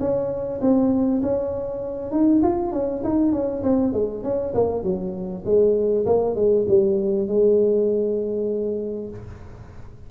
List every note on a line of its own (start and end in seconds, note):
0.00 0.61 C#4
0.61 1.22 C4
1.23 2.12 C#4
2.12 2.42 D#4
2.43 2.73 F4
2.73 3.03 C#4
3.04 3.33 D#4
3.33 3.63 C#4
3.63 3.93 C4
3.93 4.24 G#3
4.24 4.54 C#4
4.55 4.83 A#3
4.83 5.44 F#3
5.45 6.06 G#3
6.06 6.36 A#3
6.36 6.66 G#3
6.69 7.28 G3
7.28 9.10 G#3